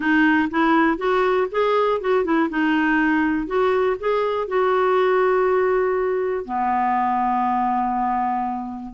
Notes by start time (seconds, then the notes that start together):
0.00 D#4
0.50 E4
0.97 F#4
1.51 G#4
2.00 F#4
2.24 E4
2.49 D#4
3.46 F#4
3.99 G#4
4.47 F#4
6.45 B3